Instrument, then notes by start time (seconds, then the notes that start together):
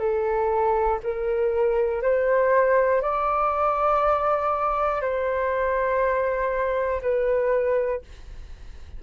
flute
0.00 A4
1.04 A#4
2.02 C5
3.02 D5
5.02 C5
7.02 B4